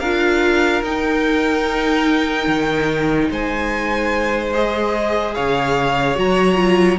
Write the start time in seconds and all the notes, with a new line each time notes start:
0.00 D4 F4 A#4 F5
0.82 D#4 G5
2.47 D#3
3.31 G#3 C5 G#5
4.54 G#4 D#5
5.35 C#3 C#5 F5
6.16 F#3 F#4 A#5
6.55 F4